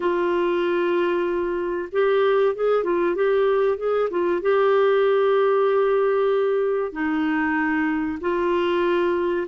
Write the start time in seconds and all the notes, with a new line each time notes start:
0.00 F4
1.91 G4
2.55 G#4
2.83 F4
3.15 G4
3.77 G#4
4.10 F4
4.41 G4
6.92 D#4
8.20 F4